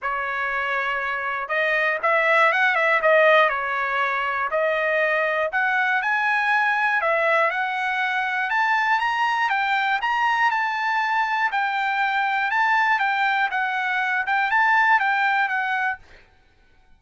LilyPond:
\new Staff \with { instrumentName = "trumpet" } { \time 4/4 \tempo 4 = 120 cis''2. dis''4 | e''4 fis''8 e''8 dis''4 cis''4~ | cis''4 dis''2 fis''4 | gis''2 e''4 fis''4~ |
fis''4 a''4 ais''4 g''4 | ais''4 a''2 g''4~ | g''4 a''4 g''4 fis''4~ | fis''8 g''8 a''4 g''4 fis''4 | }